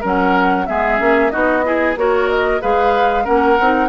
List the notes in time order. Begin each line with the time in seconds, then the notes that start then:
0.00 F#3 C#4 A#4 F#5
0.66 G#3 B3 G#4 E5
0.98 A#3 C#4
1.29 B3 D#4 F#4 D#5
1.63 E4 G#4
1.96 A#3 F#4 A#4 C#5
2.29 D#5
2.60 G#3 G#4 B4 F5
3.24 A#3 C#4 A#4 F#5
3.59 C4 D#4